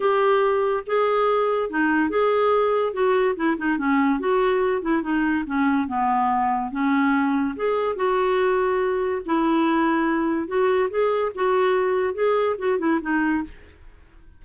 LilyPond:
\new Staff \with { instrumentName = "clarinet" } { \time 4/4 \tempo 4 = 143 g'2 gis'2 | dis'4 gis'2 fis'4 | e'8 dis'8 cis'4 fis'4. e'8 | dis'4 cis'4 b2 |
cis'2 gis'4 fis'4~ | fis'2 e'2~ | e'4 fis'4 gis'4 fis'4~ | fis'4 gis'4 fis'8 e'8 dis'4 | }